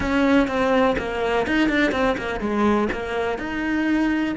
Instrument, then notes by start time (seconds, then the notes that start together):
cello
0.00 C#4
0.47 C4
0.98 A#3
1.46 D#4
1.68 D4
1.91 C4
2.17 A#3
2.40 G#3
2.92 A#3
3.38 D#4